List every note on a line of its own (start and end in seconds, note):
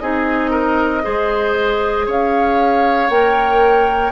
0.00 1.05 C4
0.00 1.03 D#4
0.00 0.51 G#4
0.00 2.07 D#5
0.51 1.03 A#4
1.03 2.07 G#3
1.03 3.10 G#4
1.03 2.06 C5
2.06 3.10 C#4
2.06 4.12 C#5
2.06 3.10 F5
3.10 4.12 A#3
3.10 4.12 A#4
3.10 4.12 G5